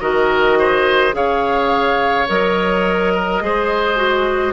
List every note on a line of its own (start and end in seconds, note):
0.00 1.13 D#3
0.00 1.12 F#4
0.00 0.58 A#4
0.00 1.13 D#5
0.59 1.15 C5
1.12 2.26 C#3
1.12 2.25 G#4
1.12 3.14 C#5
1.12 2.28 F5
2.28 3.41 F#3
2.28 3.40 A#4
2.28 4.53 D#5
3.14 3.42 A#4
3.40 4.53 G#3
3.40 3.96 G#4
3.40 4.53 C5
3.96 4.53 F#4